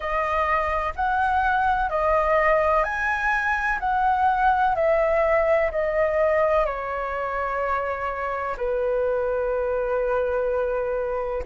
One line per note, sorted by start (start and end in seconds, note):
0.00 0.93 D#5
0.95 1.89 F#5
1.89 2.83 D#5
2.83 3.78 G#5
3.79 4.74 F#5
4.75 5.70 E5
5.71 6.65 D#5
6.65 8.56 C#5
8.57 11.43 B4